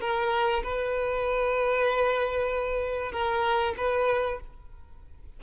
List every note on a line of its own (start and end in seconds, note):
0.00 0.62 A#4
0.63 3.12 B4
3.12 3.74 A#4
3.77 4.39 B4